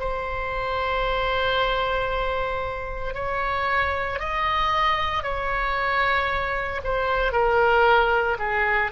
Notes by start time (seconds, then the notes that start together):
0.00 C5
3.14 C#5
4.19 D#5
5.23 C#5
6.84 C5
7.32 A#4
8.39 G#4